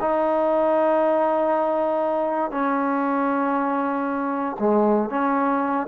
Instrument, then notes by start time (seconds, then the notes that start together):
trombone
0.00 D#4
2.51 C#4
4.59 G#3
5.10 C#4